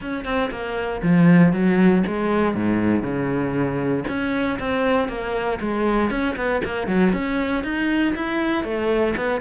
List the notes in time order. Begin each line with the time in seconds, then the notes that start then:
0.01 C#4
0.24 C4
0.51 A#3
1.02 F3
1.53 F#3
2.06 G#3
2.54 G#2
3.03 C#3
4.08 C#4
4.59 C4
5.08 A#3
5.60 G#3
6.10 C#4
6.36 B3
6.64 A#3
6.87 F#3
7.12 C#4
7.63 D#4
8.15 E4
8.64 A3
9.16 B3